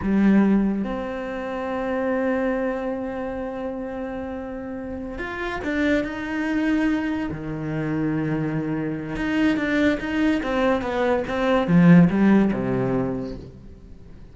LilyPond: \new Staff \with { instrumentName = "cello" } { \time 4/4 \tempo 4 = 144 g2 c'2~ | c'1~ | c'1~ | c'8 f'4 d'4 dis'4.~ |
dis'4. dis2~ dis8~ | dis2 dis'4 d'4 | dis'4 c'4 b4 c'4 | f4 g4 c2 | }